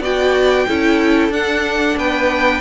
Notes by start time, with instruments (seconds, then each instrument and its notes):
0.00 cello B3, viola F#4, violin D5 G5
0.67 cello C#4, viola E4, violin A4
1.29 cello D4, viola D4, violin F#5
1.97 cello B3, violin B4 G5